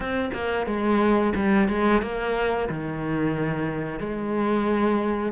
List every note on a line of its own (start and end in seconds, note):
0.00 0.30 C4
0.33 0.66 A#3
0.66 1.33 G#3
1.35 1.68 G3
1.68 2.02 G#3
2.02 2.68 A#3
2.69 3.99 D#3
3.99 5.32 G#3